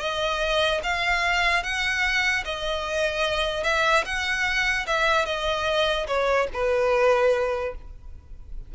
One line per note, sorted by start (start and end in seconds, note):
0.00 0.81 D#5
0.84 1.63 F5
1.63 2.44 F#5
2.45 3.64 D#5
3.64 4.04 E5
4.05 4.86 F#5
4.87 5.26 E5
5.26 6.07 D#5
6.07 6.48 C#5
6.53 7.75 B4